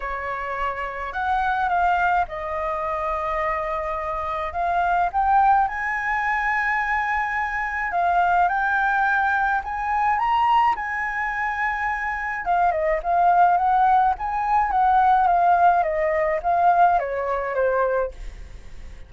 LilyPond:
\new Staff \with { instrumentName = "flute" } { \time 4/4 \tempo 4 = 106 cis''2 fis''4 f''4 | dis''1 | f''4 g''4 gis''2~ | gis''2 f''4 g''4~ |
g''4 gis''4 ais''4 gis''4~ | gis''2 f''8 dis''8 f''4 | fis''4 gis''4 fis''4 f''4 | dis''4 f''4 cis''4 c''4 | }